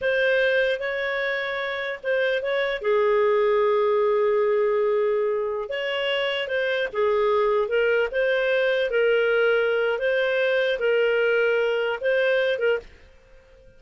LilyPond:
\new Staff \with { instrumentName = "clarinet" } { \time 4/4 \tempo 4 = 150 c''2 cis''2~ | cis''4 c''4 cis''4 gis'4~ | gis'1~ | gis'2~ gis'16 cis''4.~ cis''16~ |
cis''16 c''4 gis'2 ais'8.~ | ais'16 c''2 ais'4.~ ais'16~ | ais'4 c''2 ais'4~ | ais'2 c''4. ais'8 | }